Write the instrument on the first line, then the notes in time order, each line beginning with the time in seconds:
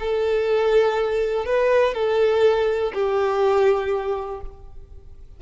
violin
0.00 A4
1.46 B4
1.94 A4
2.94 G4